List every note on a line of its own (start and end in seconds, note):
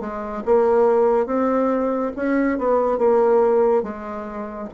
0.00 0.43 G#3
0.45 1.26 A#3
1.26 2.12 C4
2.16 2.58 C#4
2.58 2.98 B3
2.98 3.83 A#3
3.83 4.68 G#3